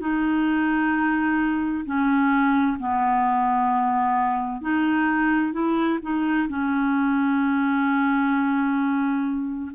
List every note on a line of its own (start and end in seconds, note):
0.00 1.85 D#4
1.85 2.78 C#4
2.79 4.62 B3
4.62 5.53 D#4
5.53 5.99 E4
6.02 6.48 D#4
6.49 9.72 C#4